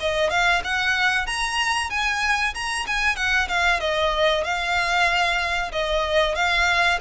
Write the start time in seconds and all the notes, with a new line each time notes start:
0.00 D#5
0.30 F5
0.64 F#5
1.26 A#5
1.90 G#5
2.54 A#5
2.87 G#5
3.16 F#5
3.48 F5
3.80 D#5
4.44 F5
5.72 D#5
6.35 F5